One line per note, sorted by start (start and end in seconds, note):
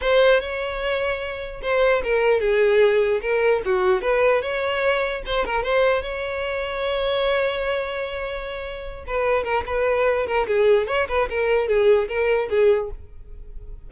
0.01 0.40 C5
0.40 1.61 C#5
1.62 2.02 C5
2.03 2.40 A#4
2.40 3.20 G#4
3.21 3.62 A#4
3.65 4.01 F#4
4.01 4.41 B4
4.41 5.22 C#5
5.26 5.45 C5
5.45 5.63 A#4
5.63 6.02 C5
6.02 9.04 C#5
9.06 9.44 B4
9.44 9.64 A#4
9.66 10.26 B4
10.26 10.46 A#4
10.47 10.87 G#4
10.87 11.07 C#5
11.08 11.28 B4
11.29 11.68 A#4
11.68 12.08 G#4
12.08 12.48 A#4
12.49 12.90 G#4